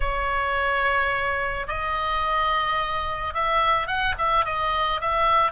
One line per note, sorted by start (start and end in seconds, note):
0.00 1.66 C#5
1.67 3.34 D#5
3.34 3.87 E5
3.87 4.15 F#5
4.18 4.45 E5
4.45 5.00 D#5
5.00 5.52 E5